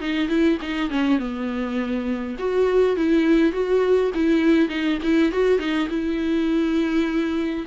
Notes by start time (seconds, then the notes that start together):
0.00 D#4
0.28 E4
0.61 D#4
0.90 C#4
1.19 B3
2.39 F#4
2.96 E4
3.52 F#4
4.14 E4
4.69 D#4
5.03 E4
5.32 F#4
5.59 D#4
5.89 E4